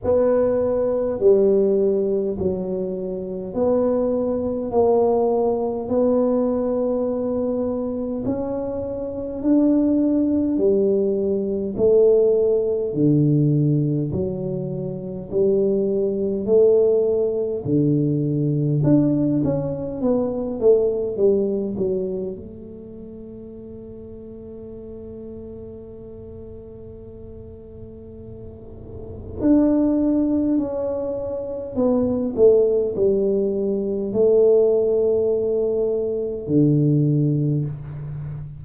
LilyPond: \new Staff \with { instrumentName = "tuba" } { \time 4/4 \tempo 4 = 51 b4 g4 fis4 b4 | ais4 b2 cis'4 | d'4 g4 a4 d4 | fis4 g4 a4 d4 |
d'8 cis'8 b8 a8 g8 fis8 a4~ | a1~ | a4 d'4 cis'4 b8 a8 | g4 a2 d4 | }